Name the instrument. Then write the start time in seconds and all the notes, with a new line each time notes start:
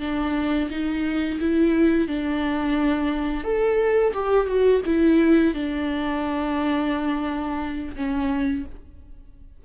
viola
0.00 D4
0.70 D#4
1.40 E4
2.08 D4
3.44 A4
4.13 G4
4.47 F#4
4.86 E4
5.54 D4
7.96 C#4